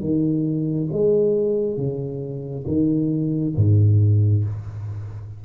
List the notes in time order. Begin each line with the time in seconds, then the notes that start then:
0.00 D#3
0.92 G#3
1.77 C#3
2.67 D#3
3.56 G#2